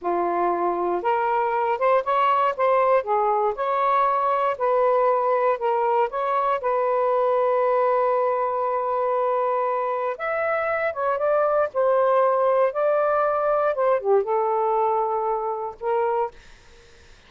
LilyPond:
\new Staff \with { instrumentName = "saxophone" } { \time 4/4 \tempo 4 = 118 f'2 ais'4. c''8 | cis''4 c''4 gis'4 cis''4~ | cis''4 b'2 ais'4 | cis''4 b'2.~ |
b'1 | e''4. cis''8 d''4 c''4~ | c''4 d''2 c''8 g'8 | a'2. ais'4 | }